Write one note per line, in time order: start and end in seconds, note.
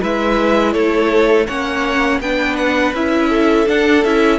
0.00 0.74 G#3
0.00 1.47 E4
0.00 0.73 B4
0.00 0.73 E5
0.73 1.48 A3
0.73 1.47 A4
0.73 1.46 C#5
1.47 2.20 A#3
1.47 2.21 C#4
1.47 2.20 C#5
1.47 2.20 F#5
2.20 2.93 B3
2.20 2.94 D4
2.20 3.29 B4
2.20 2.56 G5
2.56 2.93 F#5
2.93 3.66 C#4
2.93 3.66 E4
2.93 3.68 E5
3.29 4.39 A4
3.66 4.02 D4
3.66 4.04 D4
3.66 4.04 F#5
4.04 4.39 C#4
4.04 4.39 E4
4.04 4.39 E5